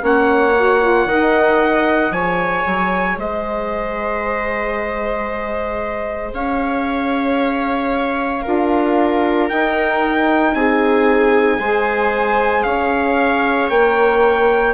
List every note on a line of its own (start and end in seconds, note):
0.00 1.06 A#3
0.00 0.53 C#4
0.00 1.09 C#5
0.00 2.12 F#5
0.58 0.82 F#4
0.82 1.09 F4
1.06 2.11 D#3
1.06 2.14 D#4
1.06 2.14 D#5
2.11 2.64 F3
2.11 8.44 G#4
2.11 3.19 C#5
2.11 3.18 G#5
2.66 3.18 F#3
3.18 6.33 G#3
3.18 6.35 C5
3.18 6.34 D#5
6.33 8.44 C#4
6.33 8.43 C#5
6.33 9.49 F5
8.43 9.51 D4
8.43 9.49 F4
8.43 10.53 A#4
9.49 11.61 D#4
9.49 10.54 D#4
9.49 10.55 G5
10.54 11.59 C4
10.54 11.60 G#4
10.54 12.63 G#5
11.60 12.65 G#3
11.60 13.71 G#4
11.60 12.65 C5
12.63 13.70 C#4
12.63 14.74 C#5
12.63 13.69 F5
13.70 14.74 A#3
13.70 14.74 A#4
13.70 14.74 G5